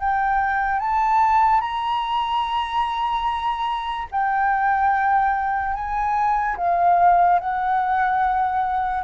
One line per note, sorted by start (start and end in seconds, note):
0.00 0.80 G5
0.80 1.61 A5
1.61 4.07 A#5
4.11 5.74 G5
5.74 6.56 G#5
6.57 7.39 F5
7.39 9.03 F#5